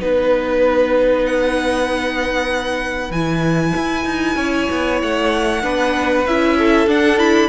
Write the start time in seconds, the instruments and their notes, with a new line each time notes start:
0.00 cello B3, viola D#4, violin B4
1.27 violin F#5
3.11 cello E3, viola E4, violin G#5
3.76 cello E4
4.05 cello D#4
4.36 cello C#4, violin C#5
4.71 cello B3
5.03 cello A3, violin F#5
5.62 cello B3, viola D4, violin B4
6.27 cello C#4, viola E4, violin E5
6.58 violin A4
6.87 cello D4, viola D4, violin F#5
7.18 viola E4, violin B5